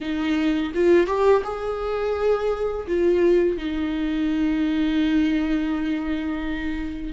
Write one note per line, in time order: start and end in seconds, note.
0.01 0.72 D#4
0.74 1.06 F4
1.06 1.42 G4
1.44 2.86 G#4
2.87 3.57 F4
3.57 7.12 D#4